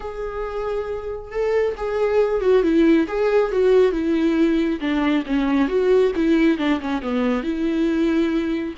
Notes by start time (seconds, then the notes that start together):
0.00 G#4
1.31 A4
1.77 G#4
2.40 F#4
2.63 E4
3.07 G#4
3.51 F#4
3.92 E4
4.80 D4
5.26 C#4
5.68 F#4
6.15 E4
6.58 D4
6.80 C#4
7.02 B3
7.43 E4